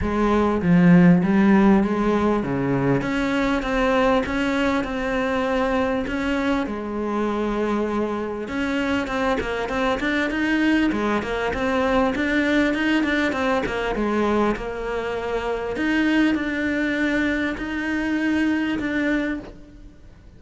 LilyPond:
\new Staff \with { instrumentName = "cello" } { \time 4/4 \tempo 4 = 99 gis4 f4 g4 gis4 | cis4 cis'4 c'4 cis'4 | c'2 cis'4 gis4~ | gis2 cis'4 c'8 ais8 |
c'8 d'8 dis'4 gis8 ais8 c'4 | d'4 dis'8 d'8 c'8 ais8 gis4 | ais2 dis'4 d'4~ | d'4 dis'2 d'4 | }